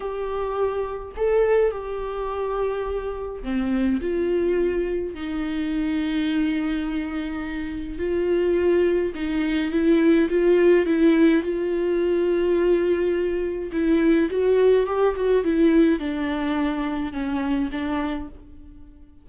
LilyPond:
\new Staff \with { instrumentName = "viola" } { \time 4/4 \tempo 4 = 105 g'2 a'4 g'4~ | g'2 c'4 f'4~ | f'4 dis'2.~ | dis'2 f'2 |
dis'4 e'4 f'4 e'4 | f'1 | e'4 fis'4 g'8 fis'8 e'4 | d'2 cis'4 d'4 | }